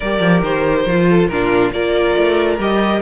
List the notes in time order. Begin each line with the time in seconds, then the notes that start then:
0.00 G3 G4 A#4 D5
0.20 F3
0.41 D#3 C5
0.85 F3 F4
1.09 A4
1.27 A#2 D4 F4 A#4
1.72 A#3 F4 A#4 D5
2.15 A3
2.58 G3 G4 D#5